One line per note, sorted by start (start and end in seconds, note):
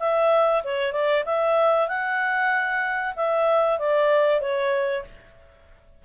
0.00 0.63 E5
0.64 0.93 C#5
0.93 1.24 D5
1.26 1.88 E5
1.88 3.15 F#5
3.16 3.79 E5
3.79 4.41 D5
4.41 5.04 C#5